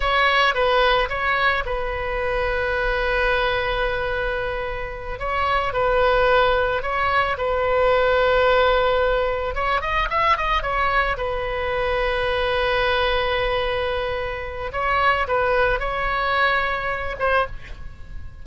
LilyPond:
\new Staff \with { instrumentName = "oboe" } { \time 4/4 \tempo 4 = 110 cis''4 b'4 cis''4 b'4~ | b'1~ | b'4. cis''4 b'4.~ | b'8 cis''4 b'2~ b'8~ |
b'4. cis''8 dis''8 e''8 dis''8 cis''8~ | cis''8 b'2.~ b'8~ | b'2. cis''4 | b'4 cis''2~ cis''8 c''8 | }